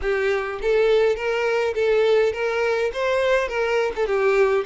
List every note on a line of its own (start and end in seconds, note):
0.01 0.59 G4
0.61 1.15 A4
1.15 1.74 A#4
1.74 2.32 A4
2.32 2.91 A#4
2.93 3.48 C5
3.48 3.92 A#4
3.95 4.06 A4
4.06 4.64 G4